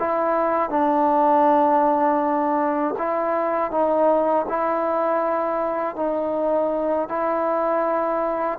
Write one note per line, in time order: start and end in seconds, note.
0.00 0.70 E4
0.70 2.95 D4
2.99 3.72 E4
3.72 4.47 D#4
4.49 5.97 E4
5.97 7.09 D#4
7.09 8.59 E4